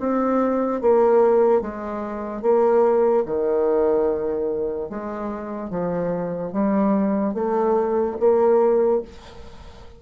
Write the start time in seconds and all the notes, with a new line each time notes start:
0.00 C4
0.81 A#3
1.61 G#3
2.42 A#3
3.26 D#3
4.90 G#3
5.70 F3
6.52 G3
7.34 A3
8.20 A#3